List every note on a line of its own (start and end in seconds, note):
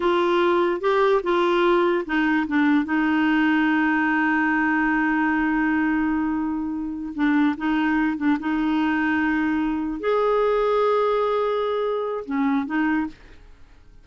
0.00 0.80 F4
0.80 1.21 G4
1.23 2.04 F4
2.05 2.46 D#4
2.47 2.84 D4
2.84 7.13 D#4
7.14 7.55 D4
7.57 8.17 D#4
8.17 8.37 D4
8.39 10.00 D#4
10.00 12.24 G#4
12.25 12.65 C#4
12.65 13.06 D#4